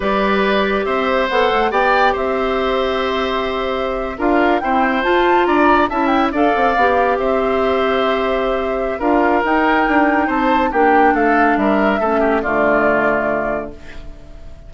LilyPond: <<
  \new Staff \with { instrumentName = "flute" } { \time 4/4 \tempo 4 = 140 d''2 e''4 fis''4 | g''4 e''2.~ | e''4.~ e''16 f''4 g''4 a''16~ | a''8. ais''4 a''8 g''8 f''4~ f''16~ |
f''8. e''2.~ e''16~ | e''4 f''4 g''2 | a''4 g''4 f''4 e''4~ | e''4 d''2. | }
  \new Staff \with { instrumentName = "oboe" } { \time 4/4 b'2 c''2 | d''4 c''2.~ | c''4.~ c''16 ais'4 c''4~ c''16~ | c''8. d''4 e''4 d''4~ d''16~ |
d''8. c''2.~ c''16~ | c''4 ais'2. | c''4 g'4 a'4 ais'4 | a'8 g'8 f'2. | }
  \new Staff \with { instrumentName = "clarinet" } { \time 4/4 g'2. a'4 | g'1~ | g'4.~ g'16 f'4 c'4 f'16~ | f'4.~ f'16 e'4 a'4 g'16~ |
g'1~ | g'4 f'4 dis'2~ | dis'4 d'2. | cis'4 a2. | }
  \new Staff \with { instrumentName = "bassoon" } { \time 4/4 g2 c'4 b8 a8 | b4 c'2.~ | c'4.~ c'16 d'4 e'4 f'16~ | f'8. d'4 cis'4 d'8 c'8 b16~ |
b8. c'2.~ c'16~ | c'4 d'4 dis'4 d'4 | c'4 ais4 a4 g4 | a4 d2. | }
>>